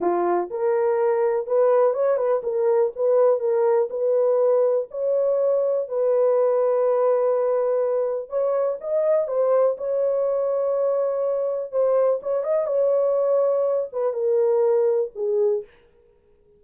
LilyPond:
\new Staff \with { instrumentName = "horn" } { \time 4/4 \tempo 4 = 123 f'4 ais'2 b'4 | cis''8 b'8 ais'4 b'4 ais'4 | b'2 cis''2 | b'1~ |
b'4 cis''4 dis''4 c''4 | cis''1 | c''4 cis''8 dis''8 cis''2~ | cis''8 b'8 ais'2 gis'4 | }